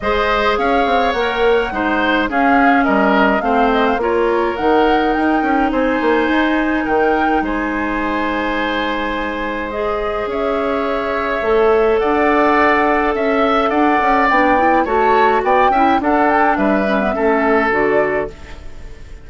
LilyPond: <<
  \new Staff \with { instrumentName = "flute" } { \time 4/4 \tempo 4 = 105 dis''4 f''4 fis''2 | f''4 dis''4 f''8 dis''16 f''16 cis''4 | fis''4 g''4 gis''2 | g''4 gis''2.~ |
gis''4 dis''4 e''2~ | e''4 fis''2 e''4 | fis''4 g''4 a''4 g''4 | fis''8 g''8 e''2 d''4 | }
  \new Staff \with { instrumentName = "oboe" } { \time 4/4 c''4 cis''2 c''4 | gis'4 ais'4 c''4 ais'4~ | ais'2 c''2 | ais'4 c''2.~ |
c''2 cis''2~ | cis''4 d''2 e''4 | d''2 cis''4 d''8 e''8 | a'4 b'4 a'2 | }
  \new Staff \with { instrumentName = "clarinet" } { \time 4/4 gis'2 ais'4 dis'4 | cis'2 c'4 f'4 | dis'1~ | dis'1~ |
dis'4 gis'2. | a'1~ | a'4 d'8 e'8 fis'4. e'8 | d'4. cis'16 b16 cis'4 fis'4 | }
  \new Staff \with { instrumentName = "bassoon" } { \time 4/4 gis4 cis'8 c'8 ais4 gis4 | cis'4 g4 a4 ais4 | dis4 dis'8 cis'8 c'8 ais8 dis'4 | dis4 gis2.~ |
gis2 cis'2 | a4 d'2 cis'4 | d'8 cis'8 b4 a4 b8 cis'8 | d'4 g4 a4 d4 | }
>>